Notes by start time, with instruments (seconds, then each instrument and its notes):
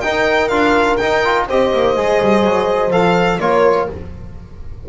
0.00 trombone D#4, double bass D#4, horn A#4, violin G5
0.48 double bass D4, trombone F4, violin F5
0.97 double bass D#4, trombone D#4, violin G5
1.25 trombone F4
1.46 double bass C4, trombone G4, horn C5, violin D#5
1.73 double bass A#3
1.96 double bass G#3, trombone G#4
2.21 double bass G3
2.44 double bass F#3
2.91 double bass F3, trombone A4, violin F5
3.39 double bass A#3, trombone F4, horn A#4, violin C#5